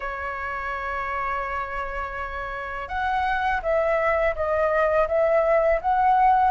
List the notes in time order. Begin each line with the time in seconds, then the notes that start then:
0.00 C#5
2.88 F#5
3.62 E5
4.35 D#5
5.08 E5
5.81 F#5